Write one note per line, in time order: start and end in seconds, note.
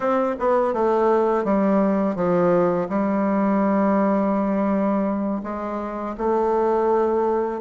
0.00 0.35 C4
0.39 0.73 B3
0.73 1.44 A3
1.44 2.15 G3
2.15 2.88 F3
2.89 5.42 G3
5.43 6.15 G#3
6.17 7.60 A3